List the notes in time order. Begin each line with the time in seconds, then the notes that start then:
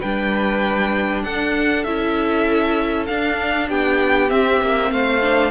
0.00 G3 D4 B4 G5
1.24 D4 A4 F#5
1.84 C#4 E4 E5
3.07 D4 F5
3.68 B3 G4 G5
4.29 C4 E5
4.61 A#3
4.91 A3 C5 F5
5.22 D4